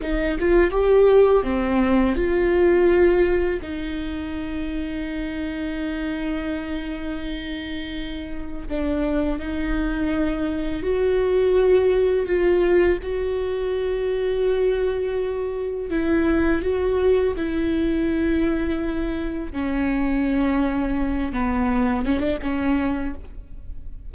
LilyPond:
\new Staff \with { instrumentName = "viola" } { \time 4/4 \tempo 4 = 83 dis'8 f'8 g'4 c'4 f'4~ | f'4 dis'2.~ | dis'1 | d'4 dis'2 fis'4~ |
fis'4 f'4 fis'2~ | fis'2 e'4 fis'4 | e'2. cis'4~ | cis'4. b4 cis'16 d'16 cis'4 | }